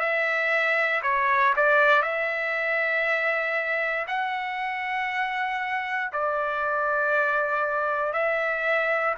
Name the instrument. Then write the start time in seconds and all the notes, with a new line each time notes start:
trumpet
0.00 E5
1.03 C#5
1.57 D5
2.02 E5
4.07 F#5
6.13 D5
8.13 E5